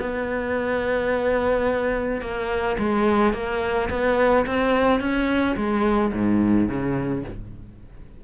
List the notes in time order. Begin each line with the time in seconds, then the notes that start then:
0.00 B3
2.22 A#3
2.79 G#3
3.34 A#3
3.90 B3
4.46 C4
5.00 C#4
5.57 G#3
6.13 G#2
6.69 C#3